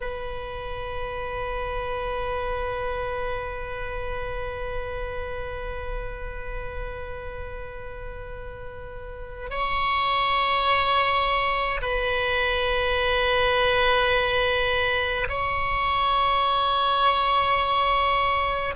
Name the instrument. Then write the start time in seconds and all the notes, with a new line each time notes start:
oboe
0.00 B4
9.50 C#5
11.81 B4
15.28 C#5